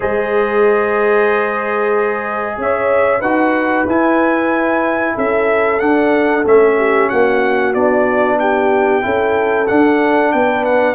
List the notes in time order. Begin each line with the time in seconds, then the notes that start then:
0.00 G#3 G#4 C5 D#5
2.57 C#4 C#5 E5
3.19 D#4 F#4 B4 F#5
3.85 E4 G#5
5.14 C#4 A4 E5
5.79 D4 F#5
6.45 A3 C#4 E5
6.77 G4
7.09 A#3 F#4 F#5
7.74 B3 D4 D5
8.39 G4 G5
9.01 C#4 E4 A4
9.67 D4 F#5
10.32 B3 B4 G5
10.64 F#5